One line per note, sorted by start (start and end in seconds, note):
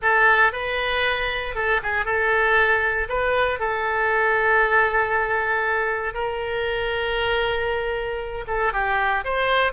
0.02 0.52 A4
0.52 1.55 B4
1.55 1.81 A4
1.82 2.05 G#4
2.05 3.07 A4
3.08 3.59 B4
3.59 6.14 A4
6.14 8.45 A#4
8.47 8.72 A4
8.72 9.24 G4
9.24 9.72 C5